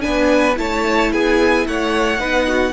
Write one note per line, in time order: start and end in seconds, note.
0.00 0.58 B3
0.00 0.54 D4
0.00 0.58 B4
0.00 0.55 G#5
0.56 1.12 A3
0.56 2.18 E4
0.56 1.12 C#5
0.56 1.12 A5
1.12 1.67 B3
1.12 1.66 G#4
1.12 1.66 G#5
1.67 2.19 A3
1.67 2.20 C#5
1.67 2.73 F#5
2.19 2.73 B3
2.19 2.73 D#4
2.19 2.47 B4
2.48 2.73 F#4